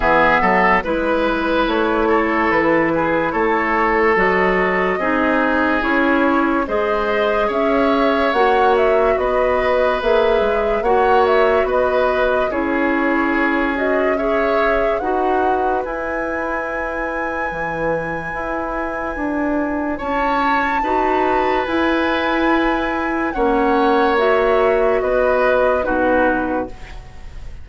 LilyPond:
<<
  \new Staff \with { instrumentName = "flute" } { \time 4/4 \tempo 4 = 72 e''4 b'4 cis''4 b'4 | cis''4 dis''2 cis''4 | dis''4 e''4 fis''8 e''8 dis''4 | e''4 fis''8 e''8 dis''4 cis''4~ |
cis''8 dis''8 e''4 fis''4 gis''4~ | gis''1 | a''2 gis''2 | fis''4 e''4 dis''4 b'4 | }
  \new Staff \with { instrumentName = "oboe" } { \time 4/4 gis'8 a'8 b'4. a'4 gis'8 | a'2 gis'2 | c''4 cis''2 b'4~ | b'4 cis''4 b'4 gis'4~ |
gis'4 cis''4 b'2~ | b'1 | cis''4 b'2. | cis''2 b'4 fis'4 | }
  \new Staff \with { instrumentName = "clarinet" } { \time 4/4 b4 e'2.~ | e'4 fis'4 dis'4 e'4 | gis'2 fis'2 | gis'4 fis'2 e'4~ |
e'8 fis'8 gis'4 fis'4 e'4~ | e'1~ | e'4 fis'4 e'2 | cis'4 fis'2 dis'4 | }
  \new Staff \with { instrumentName = "bassoon" } { \time 4/4 e8 fis8 gis4 a4 e4 | a4 fis4 c'4 cis'4 | gis4 cis'4 ais4 b4 | ais8 gis8 ais4 b4 cis'4~ |
cis'2 dis'4 e'4~ | e'4 e4 e'4 d'4 | cis'4 dis'4 e'2 | ais2 b4 b,4 | }
>>